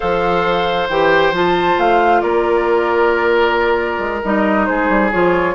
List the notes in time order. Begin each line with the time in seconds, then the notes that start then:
0.00 F3 A4 C5 F5
0.89 E3 G4 G5
1.32 F3 F4 A5
1.77 A3 F5
2.20 A#3 A#4 D5
3.99 G#3
4.23 G3 D#4 D#5
4.65 G#3 G#4 C5
4.89 G3
5.11 F3 F4 C#5